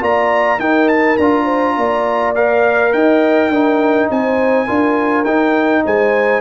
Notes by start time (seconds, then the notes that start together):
0.00 A#3 F4 D5 A#5
0.59 D#4 A#4 G5
0.88 A5
1.17 D4 F4 A#5
1.44 C5
1.77 A#3 D5
2.35 A#4 F5
2.92 D#4 D#5 G5
3.49 D4 D#4 A#4
4.10 C4 C5 G#5
4.66 D4 F4 A#4
5.25 D#4 G5
5.84 G#3 C5 G#5